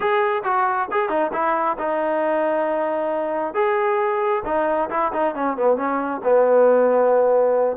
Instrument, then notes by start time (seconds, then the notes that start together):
trombone
0.00 G#4
0.43 F#4
0.91 G#4
1.09 D#4
1.32 E4
1.78 D#4
3.54 G#4
4.45 D#4
4.89 E4
5.12 D#4
5.34 C#4
5.57 B3
5.76 C#4
6.23 B3